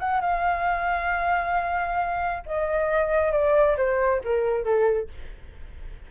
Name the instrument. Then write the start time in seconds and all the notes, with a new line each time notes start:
flute
0.00 F#5
0.21 F5
2.46 D#5
3.32 D5
3.78 C5
4.24 A#4
4.65 A4